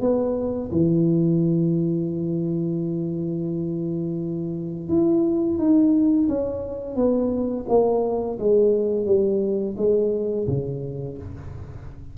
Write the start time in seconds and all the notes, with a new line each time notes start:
0.00 B3
0.71 E3
4.88 E4
5.58 D#4
6.28 C#4
6.95 B3
7.68 A#3
8.38 G#3
9.05 G3
9.77 G#3
10.47 C#3